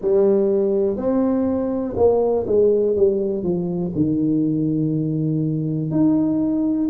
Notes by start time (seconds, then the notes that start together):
0.01 G3
0.97 C4
1.97 A#3
2.46 G#3
2.96 G3
3.43 F3
3.95 D#3
5.90 D#4